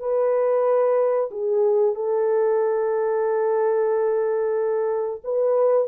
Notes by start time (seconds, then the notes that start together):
0.00 B4
1.31 G#4
1.95 A4
5.24 B4